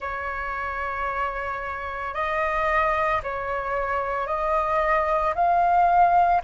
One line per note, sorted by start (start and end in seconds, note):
0.00 2.14 C#5
2.14 3.21 D#5
3.23 4.26 C#5
4.26 5.33 D#5
5.34 6.41 F5